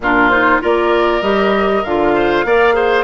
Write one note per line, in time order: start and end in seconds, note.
0.00 0.59 A#2
0.00 0.30 D4
0.00 0.61 F4
0.00 0.29 A#4
0.29 0.61 D#4
0.29 0.60 C5
0.61 1.21 A#3
0.61 1.22 F4
0.61 2.14 A#4
0.61 1.22 D5
1.21 1.82 G3
1.21 1.83 G4
1.21 1.83 D#5
1.84 2.44 D3
1.84 2.46 F4
1.84 3.04 F5
2.14 2.45 C5
2.44 3.04 A#3
2.44 2.73 A#4
2.44 2.74 D5
2.73 3.04 G#4
2.73 3.04 C5